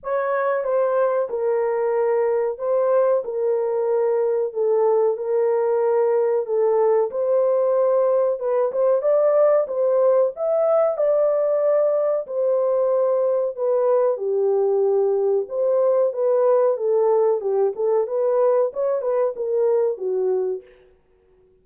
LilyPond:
\new Staff \with { instrumentName = "horn" } { \time 4/4 \tempo 4 = 93 cis''4 c''4 ais'2 | c''4 ais'2 a'4 | ais'2 a'4 c''4~ | c''4 b'8 c''8 d''4 c''4 |
e''4 d''2 c''4~ | c''4 b'4 g'2 | c''4 b'4 a'4 g'8 a'8 | b'4 cis''8 b'8 ais'4 fis'4 | }